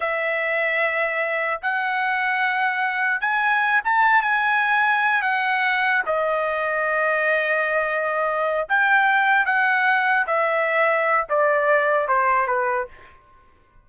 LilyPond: \new Staff \with { instrumentName = "trumpet" } { \time 4/4 \tempo 4 = 149 e''1 | fis''1 | gis''4. a''4 gis''4.~ | gis''4 fis''2 dis''4~ |
dis''1~ | dis''4. g''2 fis''8~ | fis''4. e''2~ e''8 | d''2 c''4 b'4 | }